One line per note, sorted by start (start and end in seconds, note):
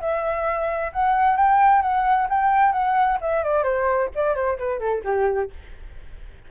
0.00 0.92 E5
0.92 1.36 F#5
1.36 1.82 G5
1.82 2.28 F#5
2.29 2.72 G5
2.72 3.18 F#5
3.21 3.43 E5
3.43 3.63 D5
3.63 4.09 C5
4.15 4.34 D5
4.34 4.57 C5
4.58 4.79 B4
4.79 5.02 A4
5.04 5.50 G4